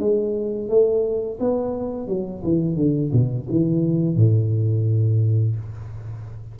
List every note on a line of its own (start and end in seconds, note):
0.00 0.69 G#3
0.69 1.39 A3
1.40 2.08 B3
2.08 2.43 F#3
2.45 2.77 E3
2.77 3.11 D3
3.13 3.48 B2
3.50 4.17 E3
4.17 5.56 A2